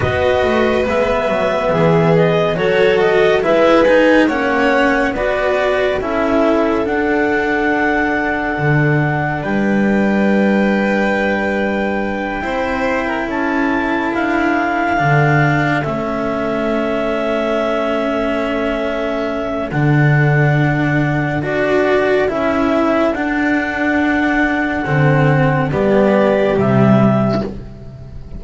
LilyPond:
<<
  \new Staff \with { instrumentName = "clarinet" } { \time 4/4 \tempo 4 = 70 dis''4 e''4. dis''8 cis''8 dis''8 | e''8 gis''8 fis''4 d''4 e''4 | fis''2. g''4~ | g''2.~ g''8 a''8~ |
a''8 f''2 e''4.~ | e''2. fis''4~ | fis''4 d''4 e''4 fis''4~ | fis''2 d''4 e''4 | }
  \new Staff \with { instrumentName = "violin" } { \time 4/4 b'2 gis'4 a'4 | b'4 cis''4 b'4 a'4~ | a'2. b'4~ | b'2~ b'8 c''8. ais'16 a'8~ |
a'1~ | a'1~ | a'1~ | a'2 g'2 | }
  \new Staff \with { instrumentName = "cello" } { \time 4/4 fis'4 b2 fis'4 | e'8 dis'8 cis'4 fis'4 e'4 | d'1~ | d'2~ d'8 e'4.~ |
e'4. d'4 cis'4.~ | cis'2. d'4~ | d'4 fis'4 e'4 d'4~ | d'4 c'4 b4 g4 | }
  \new Staff \with { instrumentName = "double bass" } { \time 4/4 b8 a8 gis8 fis8 e4 fis4 | gis4 ais4 b4 cis'4 | d'2 d4 g4~ | g2~ g8 c'4 cis'8~ |
cis'8 d'4 d4 a4.~ | a2. d4~ | d4 d'4 cis'4 d'4~ | d'4 d4 g4 c4 | }
>>